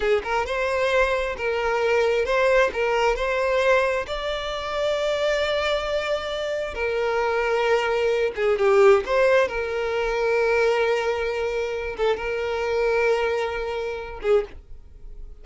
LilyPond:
\new Staff \with { instrumentName = "violin" } { \time 4/4 \tempo 4 = 133 gis'8 ais'8 c''2 ais'4~ | ais'4 c''4 ais'4 c''4~ | c''4 d''2.~ | d''2. ais'4~ |
ais'2~ ais'8 gis'8 g'4 | c''4 ais'2.~ | ais'2~ ais'8 a'8 ais'4~ | ais'2.~ ais'8 gis'8 | }